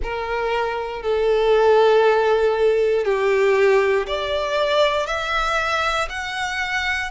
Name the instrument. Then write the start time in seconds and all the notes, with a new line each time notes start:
violin
0.02 A#4
1.02 A4
3.05 G4
4.07 D5
5.06 E5
6.09 F#5